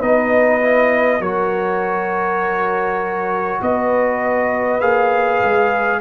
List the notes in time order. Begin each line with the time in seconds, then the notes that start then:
0.00 B3 D#4 B4 D#5
0.61 E4
1.20 F#3 F#4 A#4 C#5
3.62 B3 B4 D#5
4.81 A#3 G#4 F5
5.44 G#3